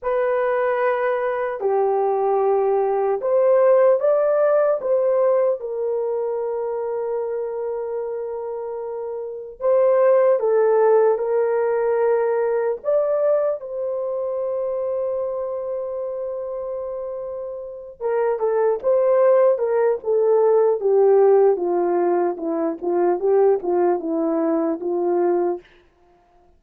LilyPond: \new Staff \with { instrumentName = "horn" } { \time 4/4 \tempo 4 = 75 b'2 g'2 | c''4 d''4 c''4 ais'4~ | ais'1 | c''4 a'4 ais'2 |
d''4 c''2.~ | c''2~ c''8 ais'8 a'8 c''8~ | c''8 ais'8 a'4 g'4 f'4 | e'8 f'8 g'8 f'8 e'4 f'4 | }